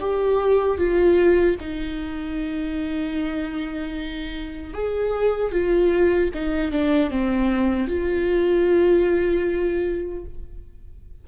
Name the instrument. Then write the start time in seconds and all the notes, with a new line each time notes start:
viola
0.00 G4
0.78 F4
1.60 D#4
4.73 G#4
5.52 F4
6.34 D#4
6.72 D4
7.11 C4
7.88 F4